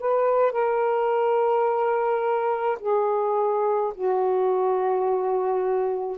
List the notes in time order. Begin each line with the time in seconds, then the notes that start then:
0.00 B4
0.52 A#4
2.80 G#4
3.95 F#4